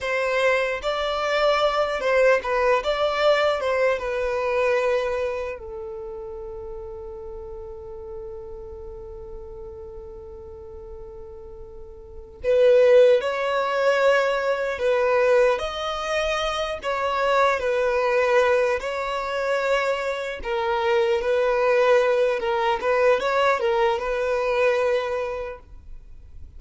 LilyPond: \new Staff \with { instrumentName = "violin" } { \time 4/4 \tempo 4 = 75 c''4 d''4. c''8 b'8 d''8~ | d''8 c''8 b'2 a'4~ | a'1~ | a'2.~ a'8 b'8~ |
b'8 cis''2 b'4 dis''8~ | dis''4 cis''4 b'4. cis''8~ | cis''4. ais'4 b'4. | ais'8 b'8 cis''8 ais'8 b'2 | }